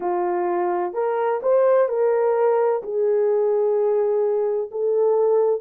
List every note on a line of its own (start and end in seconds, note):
0.00 0.93 F4
0.93 1.40 A#4
1.42 1.88 C5
1.88 2.82 A#4
2.83 4.70 G#4
4.71 5.60 A4